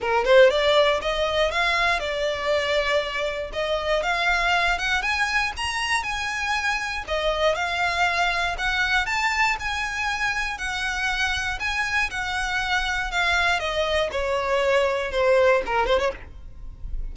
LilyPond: \new Staff \with { instrumentName = "violin" } { \time 4/4 \tempo 4 = 119 ais'8 c''8 d''4 dis''4 f''4 | d''2. dis''4 | f''4. fis''8 gis''4 ais''4 | gis''2 dis''4 f''4~ |
f''4 fis''4 a''4 gis''4~ | gis''4 fis''2 gis''4 | fis''2 f''4 dis''4 | cis''2 c''4 ais'8 c''16 cis''16 | }